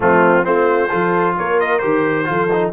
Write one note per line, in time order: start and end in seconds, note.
0.00 0.45 F3
0.00 0.43 A3
0.00 0.45 C4
0.00 0.44 F4
0.43 0.91 A3
0.43 0.88 C4
0.43 0.88 F4
0.43 1.35 C5
0.88 1.38 F3
0.88 1.80 F4
0.88 1.34 A4
1.37 1.83 A#3
1.37 2.28 A#4
1.37 1.60 C#5
1.60 1.78 D#5
1.78 2.29 D#3
1.78 2.24 G4
1.78 2.69 C5
2.24 2.72 F3
2.24 2.47 F4
2.24 2.72 A4
2.52 2.72 D#4